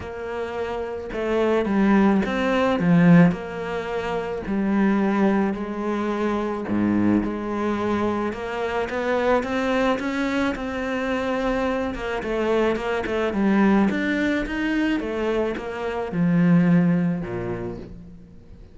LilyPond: \new Staff \with { instrumentName = "cello" } { \time 4/4 \tempo 4 = 108 ais2 a4 g4 | c'4 f4 ais2 | g2 gis2 | gis,4 gis2 ais4 |
b4 c'4 cis'4 c'4~ | c'4. ais8 a4 ais8 a8 | g4 d'4 dis'4 a4 | ais4 f2 ais,4 | }